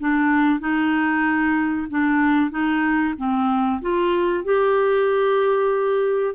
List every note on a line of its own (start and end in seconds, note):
0.00 0.60 D4
0.60 1.88 D#4
1.90 2.51 D4
2.51 3.15 D#4
3.18 3.82 C4
3.82 4.45 F4
4.45 6.35 G4